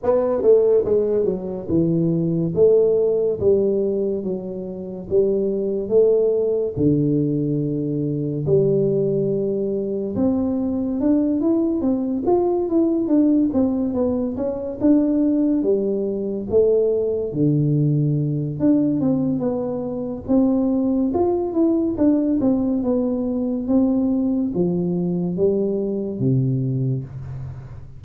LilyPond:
\new Staff \with { instrumentName = "tuba" } { \time 4/4 \tempo 4 = 71 b8 a8 gis8 fis8 e4 a4 | g4 fis4 g4 a4 | d2 g2 | c'4 d'8 e'8 c'8 f'8 e'8 d'8 |
c'8 b8 cis'8 d'4 g4 a8~ | a8 d4. d'8 c'8 b4 | c'4 f'8 e'8 d'8 c'8 b4 | c'4 f4 g4 c4 | }